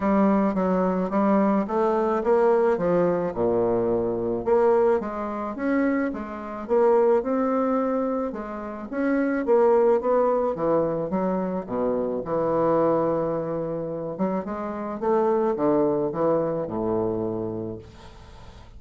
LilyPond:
\new Staff \with { instrumentName = "bassoon" } { \time 4/4 \tempo 4 = 108 g4 fis4 g4 a4 | ais4 f4 ais,2 | ais4 gis4 cis'4 gis4 | ais4 c'2 gis4 |
cis'4 ais4 b4 e4 | fis4 b,4 e2~ | e4. fis8 gis4 a4 | d4 e4 a,2 | }